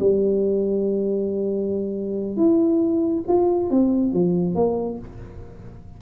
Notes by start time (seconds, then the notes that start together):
0.00 G3
2.37 E4
3.28 F4
3.71 C4
4.13 F3
4.55 A#3